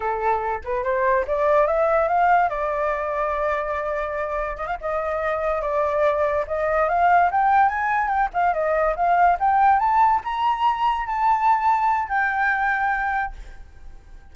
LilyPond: \new Staff \with { instrumentName = "flute" } { \time 4/4 \tempo 4 = 144 a'4. b'8 c''4 d''4 | e''4 f''4 d''2~ | d''2. dis''16 f''16 dis''8~ | dis''4. d''2 dis''8~ |
dis''8 f''4 g''4 gis''4 g''8 | f''8 dis''4 f''4 g''4 a''8~ | a''8 ais''2 a''4.~ | a''4 g''2. | }